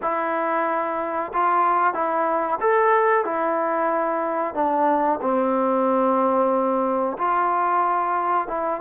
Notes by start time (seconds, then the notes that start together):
0.01 E4
1.33 F4
1.94 E4
2.60 A4
3.24 E4
4.54 D4
5.21 C4
7.17 F4
8.47 E4